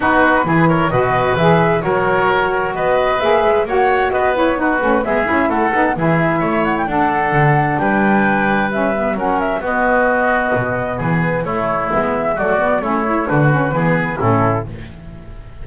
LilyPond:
<<
  \new Staff \with { instrumentName = "flute" } { \time 4/4 \tempo 4 = 131 b'4. cis''8 dis''4 e''4 | cis''2 dis''4 e''4 | fis''4 dis''8 cis''8 b'4 e''4 | fis''4 e''4. fis''16 g''16 fis''4~ |
fis''4 g''2 e''4 | fis''8 e''8 dis''2. | b'4 cis''4 e''4 d''4 | cis''4 b'2 a'4 | }
  \new Staff \with { instrumentName = "oboe" } { \time 4/4 fis'4 gis'8 ais'8 b'2 | ais'2 b'2 | cis''4 b'4 fis'4 gis'4 | a'4 gis'4 cis''4 a'4~ |
a'4 b'2. | ais'4 fis'2. | gis'4 e'2 fis'4 | e'4 fis'4 gis'4 e'4 | }
  \new Staff \with { instrumentName = "saxophone" } { \time 4/4 dis'4 e'4 fis'4 gis'4 | fis'2. gis'4 | fis'4. e'8 dis'8 cis'8 b8 e'8~ | e'8 dis'8 e'2 d'4~ |
d'2. cis'8 b8 | cis'4 b2.~ | b4 a4 b4 a8 b8 | cis'8 e'8 d'8 cis'8 b4 cis'4 | }
  \new Staff \with { instrumentName = "double bass" } { \time 4/4 b4 e4 b,4 e4 | fis2 b4 ais8 gis8 | ais4 b4. a8 gis8 cis'8 | a8 b8 e4 a4 d'4 |
d4 g2. | fis4 b2 b,4 | e4 a4 gis4 fis4 | a4 d4 e4 a,4 | }
>>